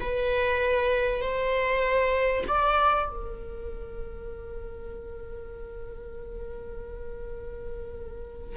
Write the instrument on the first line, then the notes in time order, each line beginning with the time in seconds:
viola
0.00 B4
1.21 C5
2.47 D5
3.08 A#4